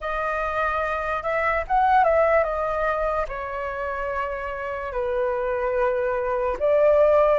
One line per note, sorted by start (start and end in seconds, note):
0.00 1.23 D#5
1.23 1.64 E5
1.67 2.03 F#5
2.03 2.43 E5
2.43 3.25 D#5
3.28 4.92 C#5
4.92 6.56 B4
6.59 7.39 D5